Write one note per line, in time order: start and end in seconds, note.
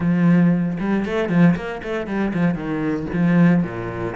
0.00 0.77 F3
0.79 1.05 G3
1.05 1.29 A3
1.29 1.55 F3
1.55 1.81 A#3
1.83 2.06 A3
2.06 2.32 G3
2.33 2.54 F3
2.54 3.06 D#3
3.13 3.63 F3
3.63 4.15 A#2